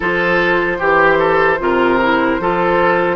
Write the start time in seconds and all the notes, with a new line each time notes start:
0.00 F3 F4 A4 C5
0.78 E3 G4
1.19 A4
1.59 C3 F4 A#4
2.01 E4
2.40 F3 F4 A4